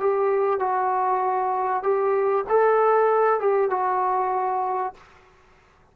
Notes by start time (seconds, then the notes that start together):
0.00 G4
0.60 F#4
1.83 G4
2.49 A4
3.40 G4
3.71 F#4